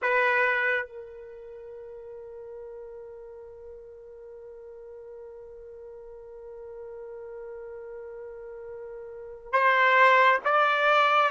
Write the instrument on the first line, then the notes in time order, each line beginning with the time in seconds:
trumpet
0.02 B4
0.86 A#4
9.52 C5
10.44 D5